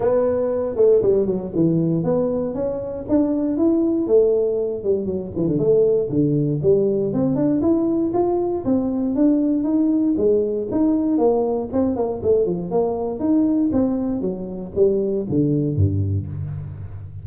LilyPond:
\new Staff \with { instrumentName = "tuba" } { \time 4/4 \tempo 4 = 118 b4. a8 g8 fis8 e4 | b4 cis'4 d'4 e'4 | a4. g8 fis8 e16 d16 a4 | d4 g4 c'8 d'8 e'4 |
f'4 c'4 d'4 dis'4 | gis4 dis'4 ais4 c'8 ais8 | a8 f8 ais4 dis'4 c'4 | fis4 g4 d4 g,4 | }